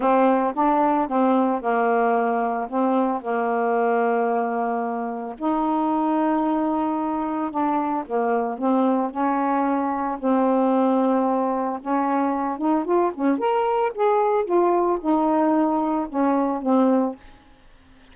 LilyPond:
\new Staff \with { instrumentName = "saxophone" } { \time 4/4 \tempo 4 = 112 c'4 d'4 c'4 ais4~ | ais4 c'4 ais2~ | ais2 dis'2~ | dis'2 d'4 ais4 |
c'4 cis'2 c'4~ | c'2 cis'4. dis'8 | f'8 cis'8 ais'4 gis'4 f'4 | dis'2 cis'4 c'4 | }